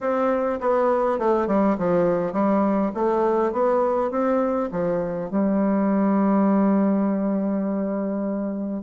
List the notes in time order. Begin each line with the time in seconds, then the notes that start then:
0.00 C4
0.60 B3
1.18 A3
1.47 G3
1.78 F3
2.32 G3
2.94 A3
3.52 B3
4.10 C4
4.71 F3
5.30 G3